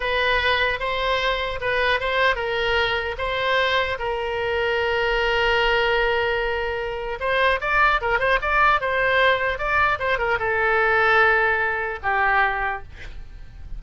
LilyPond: \new Staff \with { instrumentName = "oboe" } { \time 4/4 \tempo 4 = 150 b'2 c''2 | b'4 c''4 ais'2 | c''2 ais'2~ | ais'1~ |
ais'2 c''4 d''4 | ais'8 c''8 d''4 c''2 | d''4 c''8 ais'8 a'2~ | a'2 g'2 | }